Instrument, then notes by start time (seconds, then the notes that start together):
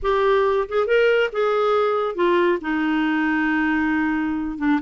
clarinet
0.02 G4
0.68 G#4
0.86 A#4
1.32 G#4
2.15 F4
2.61 D#4
4.58 D4